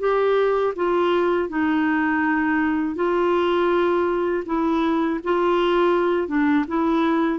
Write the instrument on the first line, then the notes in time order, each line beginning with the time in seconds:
clarinet
0.00 G4
0.76 F4
1.49 D#4
2.96 F4
4.46 E4
5.24 F4
6.28 D4
6.68 E4